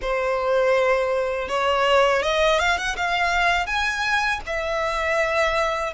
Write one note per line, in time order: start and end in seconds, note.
0.01 1.48 C5
1.48 2.22 C#5
2.22 2.59 D#5
2.59 2.77 F5
2.77 2.96 F#5
2.96 3.66 F5
3.66 4.40 G#5
4.46 5.93 E5